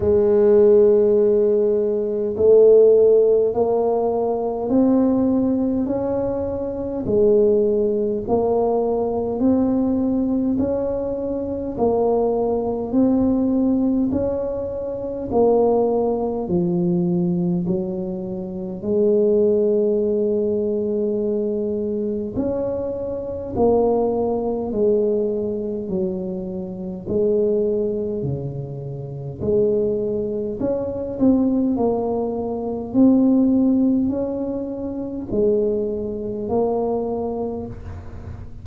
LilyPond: \new Staff \with { instrumentName = "tuba" } { \time 4/4 \tempo 4 = 51 gis2 a4 ais4 | c'4 cis'4 gis4 ais4 | c'4 cis'4 ais4 c'4 | cis'4 ais4 f4 fis4 |
gis2. cis'4 | ais4 gis4 fis4 gis4 | cis4 gis4 cis'8 c'8 ais4 | c'4 cis'4 gis4 ais4 | }